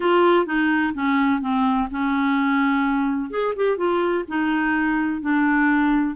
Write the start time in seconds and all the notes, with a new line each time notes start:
0.00 F4
0.46 D#4
0.94 C#4
1.41 C4
1.90 C#4
3.30 G#4
3.56 G4
3.77 F4
4.28 D#4
5.21 D4